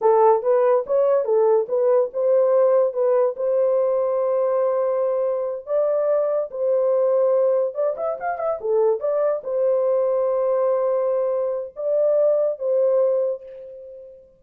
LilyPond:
\new Staff \with { instrumentName = "horn" } { \time 4/4 \tempo 4 = 143 a'4 b'4 cis''4 a'4 | b'4 c''2 b'4 | c''1~ | c''4. d''2 c''8~ |
c''2~ c''8 d''8 e''8 f''8 | e''8 a'4 d''4 c''4.~ | c''1 | d''2 c''2 | }